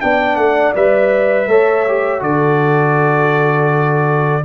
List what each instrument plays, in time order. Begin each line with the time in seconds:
0.00 tuba B3, trombone D4, horn D5, trumpet G5
0.36 tuba A3, trumpet F#5
0.75 tuba G3, trombone B4, trumpet E5
1.47 tuba A3, trombone A4, horn C#5
1.87 trombone G4
2.19 tuba D3, trombone F#4, horn A4, trumpet D5